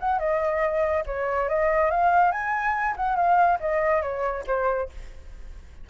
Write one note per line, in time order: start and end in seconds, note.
0.00 0.19 F#5
0.19 1.04 D#5
1.06 1.49 C#5
1.49 1.91 D#5
1.91 2.32 F5
2.32 2.95 G#5
2.96 3.16 F#5
3.16 3.59 F5
3.60 4.02 D#5
4.02 4.44 C#5
4.47 4.89 C5